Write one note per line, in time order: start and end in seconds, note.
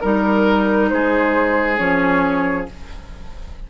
0.00 0.92 G3
0.00 1.77 D#4
0.00 0.88 A#4
0.89 1.79 G#3
0.89 2.70 G#4
0.89 1.77 C5
1.77 2.67 F3
1.77 2.65 C#4
1.77 2.66 C#5